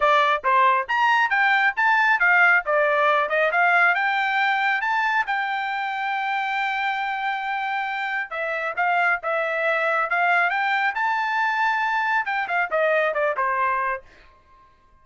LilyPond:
\new Staff \with { instrumentName = "trumpet" } { \time 4/4 \tempo 4 = 137 d''4 c''4 ais''4 g''4 | a''4 f''4 d''4. dis''8 | f''4 g''2 a''4 | g''1~ |
g''2. e''4 | f''4 e''2 f''4 | g''4 a''2. | g''8 f''8 dis''4 d''8 c''4. | }